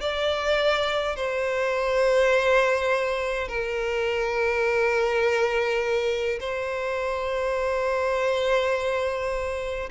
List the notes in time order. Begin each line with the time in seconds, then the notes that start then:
0.00 D5
1.16 C5
3.48 A#4
6.39 C5